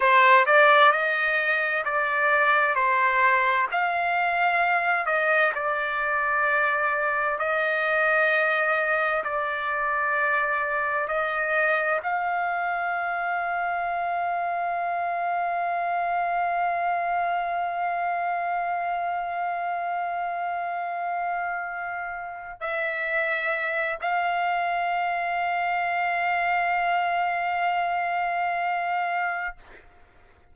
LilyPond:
\new Staff \with { instrumentName = "trumpet" } { \time 4/4 \tempo 4 = 65 c''8 d''8 dis''4 d''4 c''4 | f''4. dis''8 d''2 | dis''2 d''2 | dis''4 f''2.~ |
f''1~ | f''1~ | f''8 e''4. f''2~ | f''1 | }